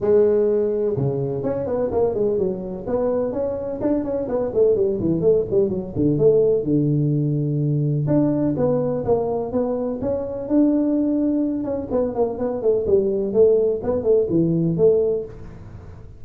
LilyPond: \new Staff \with { instrumentName = "tuba" } { \time 4/4 \tempo 4 = 126 gis2 cis4 cis'8 b8 | ais8 gis8 fis4 b4 cis'4 | d'8 cis'8 b8 a8 g8 e8 a8 g8 | fis8 d8 a4 d2~ |
d4 d'4 b4 ais4 | b4 cis'4 d'2~ | d'8 cis'8 b8 ais8 b8 a8 g4 | a4 b8 a8 e4 a4 | }